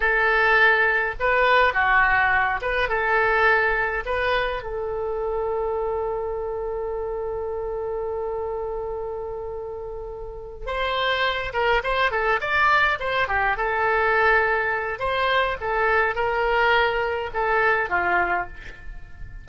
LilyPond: \new Staff \with { instrumentName = "oboe" } { \time 4/4 \tempo 4 = 104 a'2 b'4 fis'4~ | fis'8 b'8 a'2 b'4 | a'1~ | a'1~ |
a'2~ a'8 c''4. | ais'8 c''8 a'8 d''4 c''8 g'8 a'8~ | a'2 c''4 a'4 | ais'2 a'4 f'4 | }